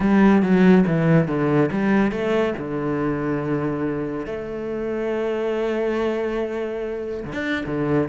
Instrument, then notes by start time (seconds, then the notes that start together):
cello
0.00 G3
0.42 F#3
0.86 E3
1.27 D3
1.71 G3
2.11 A3
2.58 D3
4.26 A3
7.25 D3
7.32 D4
7.66 D3